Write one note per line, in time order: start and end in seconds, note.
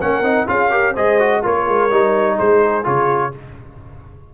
0.00 0.22 A#3
0.00 0.23 C#4
0.00 0.48 A#4
0.00 0.48 F#5
0.22 0.46 C4
0.22 0.47 D#4
0.47 0.96 C#4
0.47 0.71 F4
0.47 0.71 G#4
0.47 0.96 F5
0.71 0.95 G4
0.71 0.94 A#4
0.94 1.44 G#3
0.94 1.19 G#4
0.94 1.41 C5
0.94 1.44 D#5
1.19 1.43 F#4
1.42 1.68 A#3
1.42 1.90 F4
1.42 2.35 A#4
1.42 2.38 C#5
1.68 1.91 G#3
1.91 2.38 G3
1.91 2.84 D#4
2.35 2.86 G#3
2.35 3.30 G#4
2.35 2.86 C5
2.84 3.34 C#3
2.84 3.32 F4
2.84 3.35 C#5